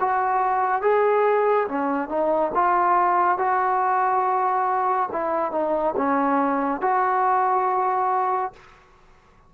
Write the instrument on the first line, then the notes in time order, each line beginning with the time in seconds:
trombone
0.00 F#4
0.81 G#4
1.68 C#4
2.08 D#4
2.54 F4
3.38 F#4
5.12 E4
5.52 D#4
5.96 C#4
6.81 F#4